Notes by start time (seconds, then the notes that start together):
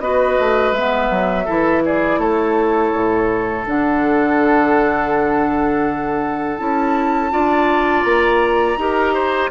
0.00 B3 F#4 B4 D#5
0.39 A3
0.71 G#3 B3 E5
1.10 F#3
1.45 E3 E4 A4
1.85 G#4 D5
2.18 A3 A4 C#5
2.94 A2
3.65 D3 D4 F#5
6.57 C#4 E4 A5
7.30 D4 F4 D5
8.03 A#3 A#5
8.77 D#4 G4 A#4
9.13 C5